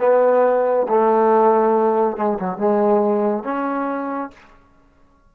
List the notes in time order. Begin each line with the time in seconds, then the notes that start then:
0.00 B3
0.88 A3
2.17 G#3
2.39 F#3
2.57 G#3
3.43 C#4